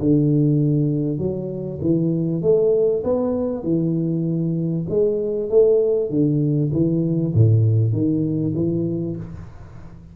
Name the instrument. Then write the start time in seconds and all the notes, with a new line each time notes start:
tuba
0.00 D3
1.19 F#3
1.82 E3
2.42 A3
3.04 B3
3.63 E3
4.90 G#3
5.50 A3
6.10 D3
6.73 E3
7.34 A2
7.93 D#3
8.55 E3